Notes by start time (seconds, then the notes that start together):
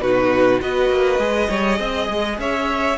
0.00 B2 D#4 F#4 B4
0.60 B3 F#4 B4 D#5
0.90 A#3
1.19 G#3 G#4
1.49 G3 C#5
1.79 C4 D#5
2.09 G#3
2.38 C#4 C#5 E5